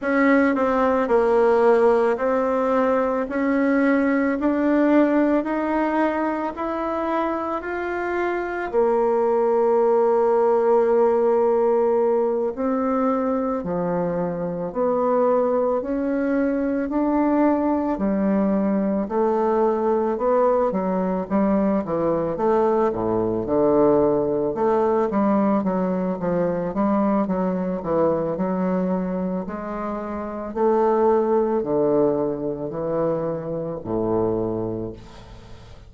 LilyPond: \new Staff \with { instrumentName = "bassoon" } { \time 4/4 \tempo 4 = 55 cis'8 c'8 ais4 c'4 cis'4 | d'4 dis'4 e'4 f'4 | ais2.~ ais8 c'8~ | c'8 f4 b4 cis'4 d'8~ |
d'8 g4 a4 b8 fis8 g8 | e8 a8 a,8 d4 a8 g8 fis8 | f8 g8 fis8 e8 fis4 gis4 | a4 d4 e4 a,4 | }